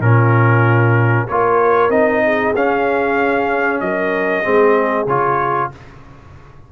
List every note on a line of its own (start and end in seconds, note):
0.00 1.26 A#2
0.00 1.27 C#4
0.00 1.27 F4
0.00 1.27 A#4
1.28 1.89 A#3
1.28 1.91 F4
1.28 2.24 A#4
1.28 1.90 C#5
1.89 2.52 C4
1.89 2.54 D#4
1.89 2.53 D#5
2.24 3.82 G#4
2.54 3.81 C#4
2.54 4.43 C#4
2.54 3.80 F5
3.80 4.44 F#3
3.80 4.44 A#4
3.80 5.06 D#5
4.43 5.06 G#3
4.43 5.06 C4
4.43 5.70 G#4
5.06 5.69 C#3
5.06 5.71 F4
5.06 5.71 C#5